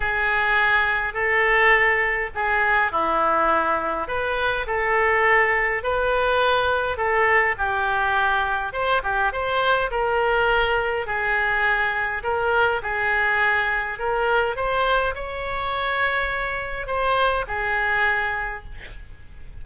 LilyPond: \new Staff \with { instrumentName = "oboe" } { \time 4/4 \tempo 4 = 103 gis'2 a'2 | gis'4 e'2 b'4 | a'2 b'2 | a'4 g'2 c''8 g'8 |
c''4 ais'2 gis'4~ | gis'4 ais'4 gis'2 | ais'4 c''4 cis''2~ | cis''4 c''4 gis'2 | }